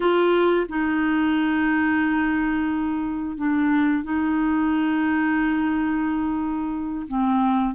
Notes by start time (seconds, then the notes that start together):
0.00 F4
0.68 D#4
3.37 D4
4.03 D#4
7.07 C4